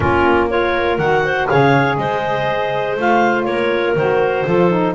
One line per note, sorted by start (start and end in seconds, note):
0.00 0.98 A#3
0.00 0.49 C#4
0.00 0.49 F4
0.00 0.47 A#4
0.49 0.98 F4
0.49 1.24 A#4
0.49 0.97 C#5
0.97 1.48 D#3
0.97 1.50 F#4
0.97 1.47 F#5
1.24 1.49 C5
1.47 1.97 C#3
1.47 2.97 G#4
1.47 1.99 C#5
1.47 1.97 F5
1.97 2.96 G#3
1.97 3.47 C5
1.97 2.96 D#5
2.97 3.45 A3
2.97 3.96 F4
2.97 3.44 F5
3.44 3.95 A#3
3.44 4.46 A#4
3.44 3.93 C#5
3.95 4.45 D#3
3.95 4.47 F#4
3.95 4.95 C5
4.46 4.95 F3
4.46 4.70 F4
4.46 4.95 A4
4.70 4.94 D#4